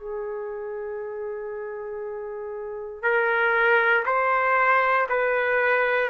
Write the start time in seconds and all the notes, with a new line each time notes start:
0.00 G#4
3.02 A#4
4.06 C5
5.09 B4